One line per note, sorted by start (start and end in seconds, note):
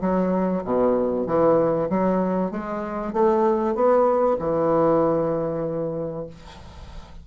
0.00 0.62 F#3
0.64 1.26 B2
1.26 1.89 E3
1.89 2.51 F#3
2.51 3.12 G#3
3.12 3.75 A3
3.75 4.37 B3
4.39 6.26 E3